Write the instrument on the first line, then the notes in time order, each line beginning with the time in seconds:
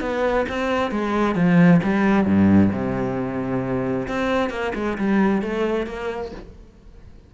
cello
0.00 B3
0.48 C4
0.91 G#3
1.35 F3
1.83 G3
2.25 G2
2.72 C3
4.07 C4
4.49 A#3
4.75 G#3
4.98 G3
5.41 A3
5.86 A#3